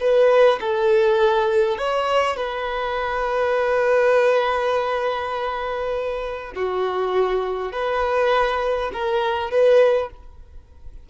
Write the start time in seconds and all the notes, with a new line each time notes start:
0.00 B4
0.60 A4
1.78 C#5
2.37 B4
6.55 F#4
7.72 B4
8.93 A#4
9.50 B4